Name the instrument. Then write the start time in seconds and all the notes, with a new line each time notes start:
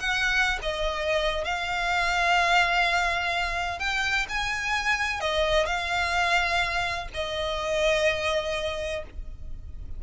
violin
0.00 F#5
0.62 D#5
1.45 F5
3.79 G5
4.29 G#5
5.21 D#5
5.66 F5
7.14 D#5